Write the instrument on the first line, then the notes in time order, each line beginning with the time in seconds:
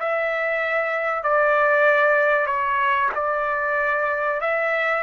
trumpet
0.00 E5
1.23 D5
2.47 C#5
3.15 D5
4.41 E5